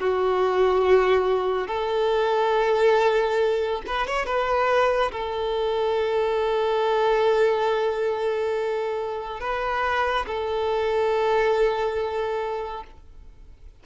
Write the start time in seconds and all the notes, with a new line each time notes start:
0.00 F#4
1.68 A4
3.87 B4
4.08 C#5
4.26 B4
5.12 A4
9.41 B4
10.27 A4